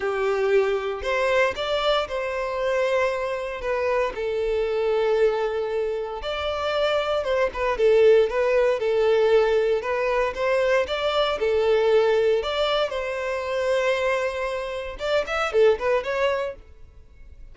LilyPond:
\new Staff \with { instrumentName = "violin" } { \time 4/4 \tempo 4 = 116 g'2 c''4 d''4 | c''2. b'4 | a'1 | d''2 c''8 b'8 a'4 |
b'4 a'2 b'4 | c''4 d''4 a'2 | d''4 c''2.~ | c''4 d''8 e''8 a'8 b'8 cis''4 | }